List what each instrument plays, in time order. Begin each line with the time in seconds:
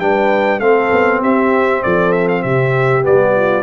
0.00 tuba G3, trombone D4, horn B4, trumpet G5
0.59 tuba A3, trombone C4, horn A4, trumpet F5
0.92 tuba B3
1.21 tuba C4, horn G4, trumpet E5
1.84 tuba F3, horn A4, trumpet D5
2.13 trumpet E5
2.29 trumpet F5
2.43 tuba C3, horn G4, trumpet E5
3.03 tuba G3, trombone B3, trumpet D5
3.36 horn F4